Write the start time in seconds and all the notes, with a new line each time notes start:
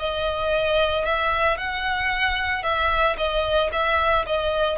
0.00 D#5
1.05 E5
1.58 F#5
2.64 E5
3.18 D#5
3.73 E5
4.26 D#5